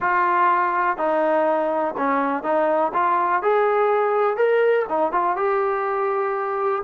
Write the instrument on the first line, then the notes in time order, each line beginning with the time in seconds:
trombone
0.00 F4
0.97 D#4
1.97 C#4
2.43 D#4
2.93 F4
3.42 G#4
4.37 A#4
4.88 D#4
5.12 F4
5.36 G4